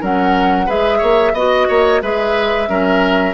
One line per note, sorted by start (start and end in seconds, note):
0.00 0.68 F#3
0.00 0.67 C#4
0.00 0.66 A#4
0.00 0.70 F#5
0.66 1.01 G#3
0.66 1.33 G#4
0.66 0.98 B4
0.66 1.34 E5
0.98 1.33 A#3
0.98 1.31 C#5
1.33 1.66 B3
1.33 2.02 F#4
1.33 1.67 D#5
1.33 2.01 D#5
1.68 2.01 A#3
1.68 2.01 C#5
2.01 2.68 G#3
2.01 2.67 G#4
2.01 2.68 B4
2.01 3.34 E5
2.67 3.34 F#3
2.67 3.34 C#4
2.67 3.34 A#4